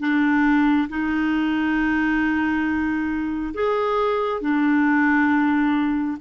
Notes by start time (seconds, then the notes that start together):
0.00 D4
0.89 D#4
3.54 G#4
4.41 D4